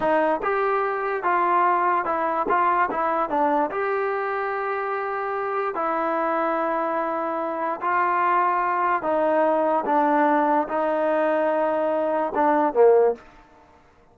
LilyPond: \new Staff \with { instrumentName = "trombone" } { \time 4/4 \tempo 4 = 146 dis'4 g'2 f'4~ | f'4 e'4 f'4 e'4 | d'4 g'2.~ | g'2 e'2~ |
e'2. f'4~ | f'2 dis'2 | d'2 dis'2~ | dis'2 d'4 ais4 | }